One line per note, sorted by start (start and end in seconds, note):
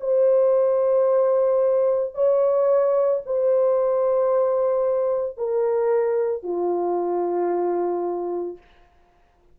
0.00 2.14 C5
2.14 3.21 C#5
3.25 5.37 C5
5.37 6.43 A#4
6.43 8.57 F4